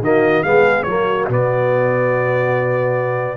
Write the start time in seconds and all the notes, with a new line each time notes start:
0.00 D#3 A#3 F#4 D#5
0.43 G#3 B3 G#4 F5
0.83 F#3 A#3 F#4 C#5
1.28 B2 B3 D5